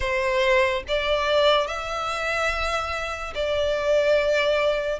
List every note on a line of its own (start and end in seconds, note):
0.00 0.83 C5
0.87 1.67 D5
1.67 3.33 E5
3.34 4.99 D5